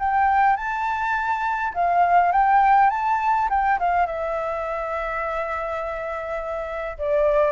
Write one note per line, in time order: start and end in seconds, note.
0.00 0.57 G5
0.57 1.74 A5
1.75 2.33 F5
2.33 2.90 G5
2.90 3.49 A5
3.50 3.79 G5
3.80 4.07 F5
4.07 6.98 E5
6.98 7.52 D5